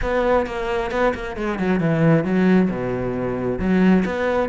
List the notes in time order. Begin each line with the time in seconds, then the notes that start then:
0.02 B3
0.46 A#3
0.91 B3
1.14 A#3
1.36 G#3
1.58 F#3
1.80 E3
2.24 F#3
2.69 B2
3.59 F#3
4.05 B3